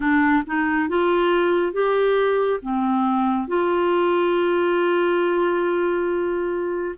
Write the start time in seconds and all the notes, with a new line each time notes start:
0.00 D4
0.46 D#4
0.89 F4
1.72 G4
2.62 C4
3.47 F4